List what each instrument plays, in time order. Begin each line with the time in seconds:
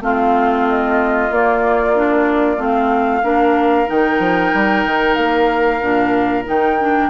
0.00 bassoon A3, clarinet C4, oboe F4, flute F5
0.68 flute D#5
1.30 bassoon A#3, clarinet A#3, flute D5
1.94 clarinet D4
2.56 bassoon A3, clarinet C4, flute F5
3.22 bassoon A#3, clarinet D4, oboe A#4
3.86 bassoon D#3, clarinet D#4, flute G5
4.19 bassoon F3
4.53 bassoon G3
4.85 bassoon D#3
5.14 bassoon A#3, flute F5
5.81 bassoon A#2, clarinet D4
6.44 bassoon D#3, clarinet D#4, flute G5
6.80 clarinet D4